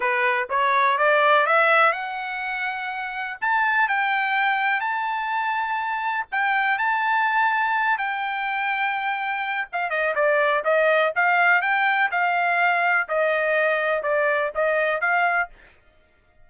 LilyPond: \new Staff \with { instrumentName = "trumpet" } { \time 4/4 \tempo 4 = 124 b'4 cis''4 d''4 e''4 | fis''2. a''4 | g''2 a''2~ | a''4 g''4 a''2~ |
a''8 g''2.~ g''8 | f''8 dis''8 d''4 dis''4 f''4 | g''4 f''2 dis''4~ | dis''4 d''4 dis''4 f''4 | }